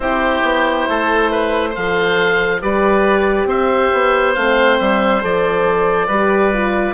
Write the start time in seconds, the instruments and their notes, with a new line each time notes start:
0.00 bassoon C4, horn E4, oboe G4 C5
0.42 bassoon B3
0.88 bassoon A3, oboe A4
1.31 oboe B4
1.69 horn A4, oboe C5 F5
1.76 bassoon F3
2.61 bassoon G3, horn G4, oboe B4 D5
3.45 bassoon C4, oboe C5 E5
3.93 bassoon B3
4.34 bassoon A3, horn C4, oboe F5
4.79 bassoon G3, oboe E5
5.21 bassoon F3, horn A4, oboe D5
6.07 bassoon G3, horn G4, oboe B4
6.53 horn F4